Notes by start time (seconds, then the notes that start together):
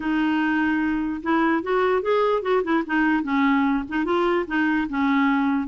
0.00 D#4
1.23 E4
1.62 F#4
2.02 G#4
2.42 F#4
2.63 E4
2.86 D#4
3.23 C#4
3.88 D#4
4.04 F4
4.47 D#4
4.89 C#4